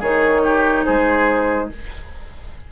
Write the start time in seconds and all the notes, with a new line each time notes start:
0.00 D#3 D#4 G#4 C#5
0.44 G4
0.86 G#3 G#4 C5